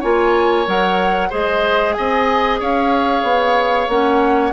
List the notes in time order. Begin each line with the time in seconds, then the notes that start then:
0.00 A#3 F4 C#5 G#5
0.66 F#3 A#4 F#5
1.30 G#3 G#4 C5 D#5
1.94 C4 D#5 G#5
2.60 C#4 C#5 F5
3.23 B3
3.89 A#3 C#4 F#5